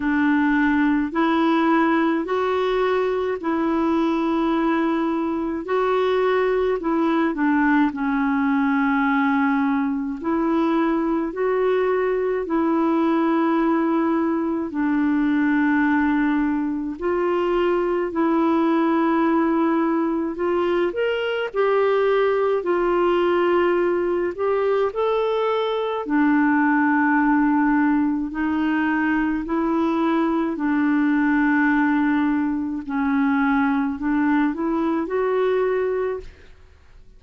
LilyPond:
\new Staff \with { instrumentName = "clarinet" } { \time 4/4 \tempo 4 = 53 d'4 e'4 fis'4 e'4~ | e'4 fis'4 e'8 d'8 cis'4~ | cis'4 e'4 fis'4 e'4~ | e'4 d'2 f'4 |
e'2 f'8 ais'8 g'4 | f'4. g'8 a'4 d'4~ | d'4 dis'4 e'4 d'4~ | d'4 cis'4 d'8 e'8 fis'4 | }